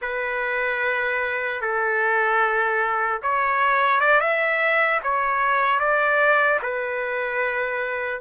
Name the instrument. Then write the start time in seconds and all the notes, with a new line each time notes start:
trumpet
0.01 B4
1.61 A4
3.22 C#5
4.00 D5
4.20 E5
5.03 C#5
5.79 D5
6.62 B4